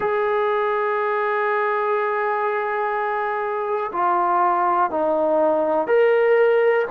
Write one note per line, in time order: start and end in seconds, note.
0.00 3.91 G#4
3.92 4.90 F4
4.90 5.87 D#4
5.87 6.85 A#4